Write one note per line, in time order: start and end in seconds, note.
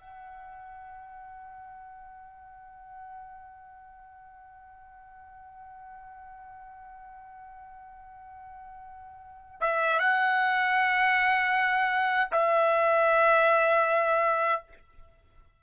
0.00 9.61 F#5
9.61 9.99 E5
10.00 12.30 F#5
12.32 14.63 E5